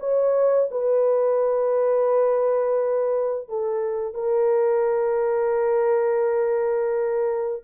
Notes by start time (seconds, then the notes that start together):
0.00 C#5
0.71 B4
3.49 A4
4.14 A#4